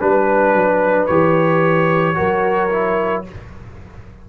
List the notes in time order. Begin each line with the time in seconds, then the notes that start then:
0.00 G3 D4 B4
0.53 F#3
1.06 E3 G4 C#5
2.14 F#3 F#4 A#4
2.69 E4